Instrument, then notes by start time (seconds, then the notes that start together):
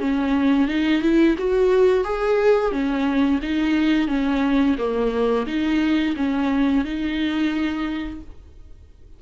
viola
0.00 C#4
0.68 D#4
1.02 E4
1.38 F#4
2.04 G#4
2.72 C#4
3.42 D#4
4.08 C#4
4.78 A#3
5.47 D#4
6.17 C#4
6.85 D#4